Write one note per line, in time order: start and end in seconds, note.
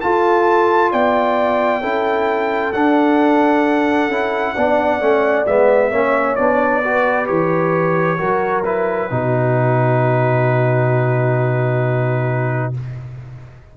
0.00 1.82 F4
0.00 0.92 F4
0.00 0.91 A4
0.00 0.91 A5
0.91 1.83 B3
0.91 1.81 D5
0.91 2.73 G5
1.81 2.73 C#4
1.81 2.73 E4
1.81 4.54 A4
2.73 4.08 D4
2.73 4.10 D4
2.73 5.45 F#5
4.08 4.53 C#4
4.08 4.55 E4
4.54 5.00 B3
4.54 5.00 D4
4.54 5.91 D5
5.00 5.46 A3
5.00 5.45 C#4
5.46 5.91 G#3
5.46 5.91 B3
5.46 6.35 E5
5.91 6.36 A#3
5.91 6.37 C#4
5.91 6.81 C#5
6.35 7.29 B3
6.35 6.83 D4
6.35 7.26 D5
6.83 7.26 F#4
6.83 8.18 B4
7.26 8.20 E3
7.26 8.17 G4
7.26 8.63 C#5
8.18 9.10 F#3
8.18 8.63 F#4
8.18 9.09 A#4
8.64 9.10 E4
8.64 12.73 B4
9.10 12.74 B2
9.10 12.73 D#4
9.10 12.77 F#4